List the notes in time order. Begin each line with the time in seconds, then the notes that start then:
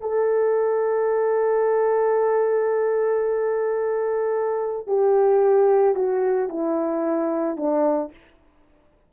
0.00 A4
4.87 G4
5.95 F#4
6.49 E4
7.56 D4